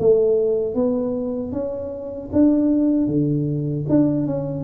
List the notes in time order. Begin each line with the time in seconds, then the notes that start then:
0.00 A3
0.75 B3
1.53 C#4
2.33 D4
3.08 D3
3.89 D4
4.27 C#4